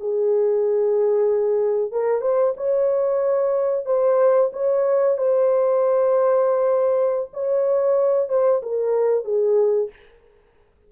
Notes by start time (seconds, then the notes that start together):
0.00 G#4
1.92 A#4
2.21 C5
2.57 C#5
3.85 C5
4.53 C#5
5.17 C5
7.33 C#5
8.29 C5
8.62 A#4
9.24 G#4